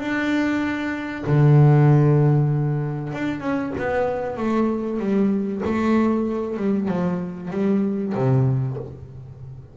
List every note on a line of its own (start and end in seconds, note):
0.00 1.25 D4
1.27 3.13 D3
3.13 3.41 D4
3.41 3.72 C#4
3.78 4.37 B3
4.37 4.99 A3
4.99 5.62 G3
5.65 6.57 A3
6.57 6.88 G3
6.88 7.51 F3
7.51 8.13 G3
8.15 8.77 C3